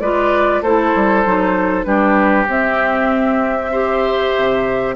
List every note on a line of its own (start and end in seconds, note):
0.00 0.61 G#3
0.00 0.64 F4
0.00 0.62 B4
0.00 0.62 D5
0.61 0.92 A3
0.61 1.25 E4
0.61 1.86 A4
0.61 1.84 C5
0.94 1.25 G3
1.25 1.86 F#3
1.25 1.84 D#4
1.84 2.47 G3
1.84 2.46 D4
1.84 3.71 G4
1.84 2.46 B4
2.47 4.33 C4
2.47 3.72 C4
2.47 4.96 E5
3.71 4.96 G4
3.71 4.95 C5
4.36 4.96 C3